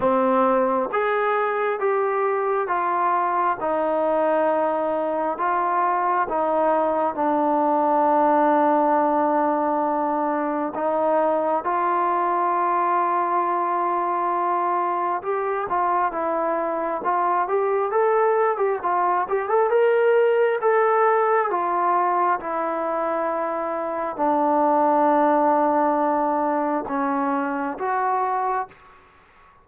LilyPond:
\new Staff \with { instrumentName = "trombone" } { \time 4/4 \tempo 4 = 67 c'4 gis'4 g'4 f'4 | dis'2 f'4 dis'4 | d'1 | dis'4 f'2.~ |
f'4 g'8 f'8 e'4 f'8 g'8 | a'8. g'16 f'8 g'16 a'16 ais'4 a'4 | f'4 e'2 d'4~ | d'2 cis'4 fis'4 | }